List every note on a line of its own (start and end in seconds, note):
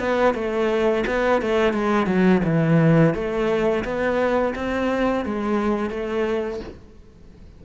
0.00 0.35 B3
0.35 1.04 A3
1.07 1.42 B3
1.42 1.73 A3
1.73 2.06 G#3
2.06 2.41 F#3
2.45 3.14 E3
3.14 3.84 A3
3.84 4.54 B3
4.56 5.25 C4
5.25 5.90 G#3
5.90 6.60 A3